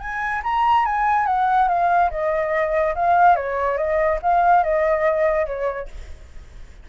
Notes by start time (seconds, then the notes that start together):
0.00 G#5
0.44 A#5
0.86 G#5
1.27 F#5
1.68 F5
2.11 D#5
2.95 F5
3.36 C#5
3.77 D#5
4.23 F5
4.64 D#5
5.47 C#5